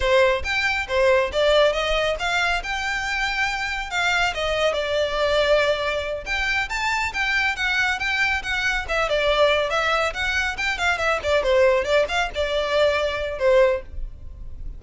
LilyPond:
\new Staff \with { instrumentName = "violin" } { \time 4/4 \tempo 4 = 139 c''4 g''4 c''4 d''4 | dis''4 f''4 g''2~ | g''4 f''4 dis''4 d''4~ | d''2~ d''8 g''4 a''8~ |
a''8 g''4 fis''4 g''4 fis''8~ | fis''8 e''8 d''4. e''4 fis''8~ | fis''8 g''8 f''8 e''8 d''8 c''4 d''8 | f''8 d''2~ d''8 c''4 | }